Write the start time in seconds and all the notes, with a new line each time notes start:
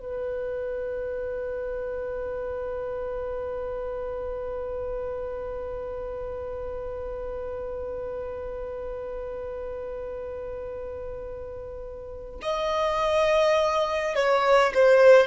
0.00 B4
12.42 D#5
14.15 C#5
14.74 C5